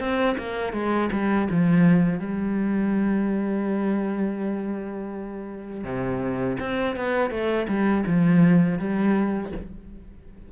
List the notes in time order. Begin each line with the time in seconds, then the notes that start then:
0.00 C4
0.38 A#3
0.73 G#3
1.12 G3
1.51 F3
2.20 G3
5.84 C3
6.60 C4
6.96 B3
7.31 A3
7.68 G3
8.07 F3
8.79 G3